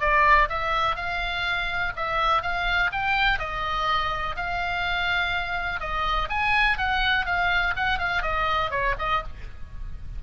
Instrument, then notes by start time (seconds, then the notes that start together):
oboe
0.00 D5
0.49 E5
0.96 F5
1.96 E5
2.42 F5
2.92 G5
3.39 D#5
4.36 F5
5.80 D#5
6.29 G#5
6.78 F#5
7.26 F5
7.76 F#5
7.98 F5
8.22 D#5
8.71 C#5
8.98 D#5